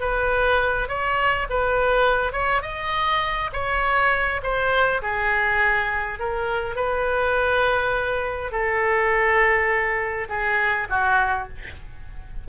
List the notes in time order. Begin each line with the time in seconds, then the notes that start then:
0.00 B4
0.89 C#5
1.50 B4
2.33 C#5
2.62 D#5
3.53 C#5
4.43 C5
5.02 G#4
6.19 A#4
6.76 B4
8.52 A4
10.29 G#4
10.90 F#4